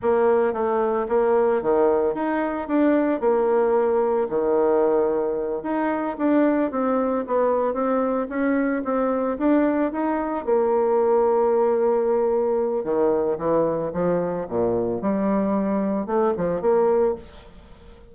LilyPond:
\new Staff \with { instrumentName = "bassoon" } { \time 4/4 \tempo 4 = 112 ais4 a4 ais4 dis4 | dis'4 d'4 ais2 | dis2~ dis8 dis'4 d'8~ | d'8 c'4 b4 c'4 cis'8~ |
cis'8 c'4 d'4 dis'4 ais8~ | ais1 | dis4 e4 f4 ais,4 | g2 a8 f8 ais4 | }